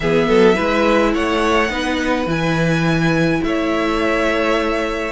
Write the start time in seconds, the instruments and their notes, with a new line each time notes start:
0.00 cello E3, viola B3, violin G#4 E5
0.28 cello F#3, violin A4
0.54 cello G#3, viola E4, violin B4
1.14 cello A3, violin C#5 F#5
1.69 cello B3, viola D#4, violin B4
2.26 cello E3, viola E4, violin G#5
3.43 cello A3, violin C#5 E5